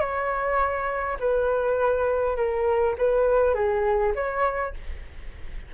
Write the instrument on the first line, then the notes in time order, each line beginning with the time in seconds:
flute
0.00 C#5
1.20 B4
2.36 A#4
2.98 B4
3.55 G#4
4.15 C#5